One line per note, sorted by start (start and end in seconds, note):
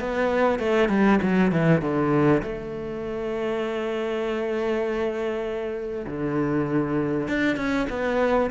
0.00 0.59 B3
0.59 0.89 A3
0.89 1.19 G3
1.22 1.51 F#3
1.51 1.82 E3
1.82 2.42 D3
2.42 6.06 A3
6.07 7.28 D3
7.28 7.56 D4
7.56 7.87 C#4
7.90 8.50 B3